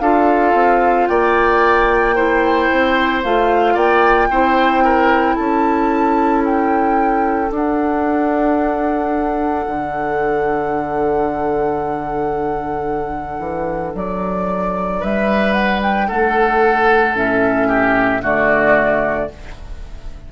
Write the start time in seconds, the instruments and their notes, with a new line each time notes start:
0.00 bassoon D4, clarinet F4, oboe A4, flute F5
0.54 bassoon C4
1.07 bassoon A#3, oboe D5, flute G5
2.15 clarinet E4, oboe C5
2.71 bassoon C4
3.23 bassoon A3, clarinet F4, flute F5
3.74 bassoon A#3, oboe D5, flute G5
4.30 bassoon C4, clarinet E4, oboe C5
4.84 oboe A#4
5.36 bassoon C#4, oboe A4, flute A5
6.45 flute G5
7.50 clarinet D4, bassoon D4, flute F#5
9.67 bassoon D3
13.39 bassoon E3
13.95 bassoon F#3, flute D5
15.00 bassoon G3, oboe B4, flute E5
15.53 flute F#5
15.83 flute G5
16.08 bassoon A3, oboe A4, flute F#5
17.15 bassoon A2, clarinet C#4, flute E5
17.68 oboe G4
18.21 bassoon D3, clarinet A3, oboe F#4, flute D5